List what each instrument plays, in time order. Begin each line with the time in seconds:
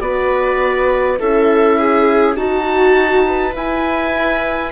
0.00 bassoon B3, horn F#4, viola B4, oboe D5
1.19 bassoon C#4, horn E4, viola A4, oboe E5
1.78 viola G#4
2.36 bassoon D#4, viola F#4, horn F#4, oboe A5
3.26 viola B4
3.52 horn E4, bassoon E4, oboe G#5